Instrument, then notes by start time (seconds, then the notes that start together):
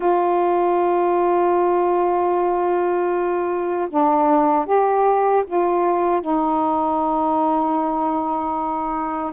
saxophone
0.00 F4
3.90 D4
4.66 G4
5.47 F4
6.21 D#4